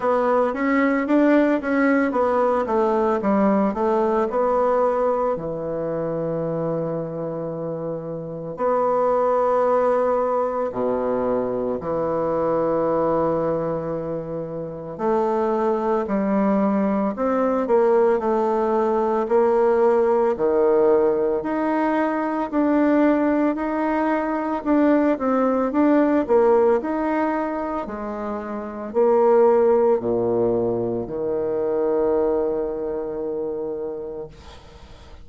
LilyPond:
\new Staff \with { instrumentName = "bassoon" } { \time 4/4 \tempo 4 = 56 b8 cis'8 d'8 cis'8 b8 a8 g8 a8 | b4 e2. | b2 b,4 e4~ | e2 a4 g4 |
c'8 ais8 a4 ais4 dis4 | dis'4 d'4 dis'4 d'8 c'8 | d'8 ais8 dis'4 gis4 ais4 | ais,4 dis2. | }